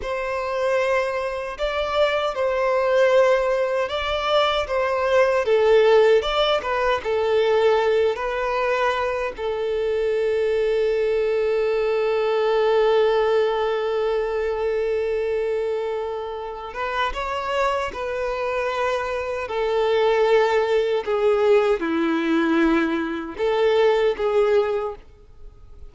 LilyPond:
\new Staff \with { instrumentName = "violin" } { \time 4/4 \tempo 4 = 77 c''2 d''4 c''4~ | c''4 d''4 c''4 a'4 | d''8 b'8 a'4. b'4. | a'1~ |
a'1~ | a'4. b'8 cis''4 b'4~ | b'4 a'2 gis'4 | e'2 a'4 gis'4 | }